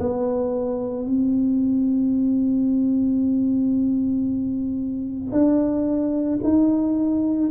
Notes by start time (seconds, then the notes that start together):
0.00 B3
1.07 C4
5.33 D4
6.44 D#4